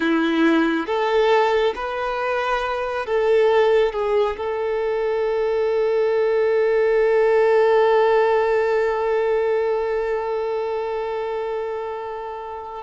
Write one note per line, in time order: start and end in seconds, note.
0.00 0.86 E4
0.86 1.73 A4
1.75 3.06 B4
3.06 3.92 A4
3.92 4.36 G#4
4.37 12.83 A4